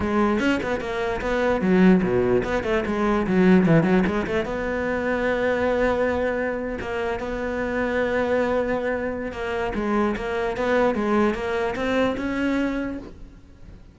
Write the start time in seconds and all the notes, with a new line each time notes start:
0.00 G#3
0.39 C#4
0.62 B3
0.80 A#3
1.21 B3
1.61 F#3
2.02 B2
2.43 B3
2.63 A3
2.86 G#3
3.27 F#3
3.66 E3
3.83 F#3
4.06 G#3
4.26 A3
4.45 B3
6.80 A#3
7.19 B3
9.32 A#3
9.75 G#3
10.16 A#3
10.57 B3
10.94 G#3
11.34 A#3
11.75 C4
12.17 C#4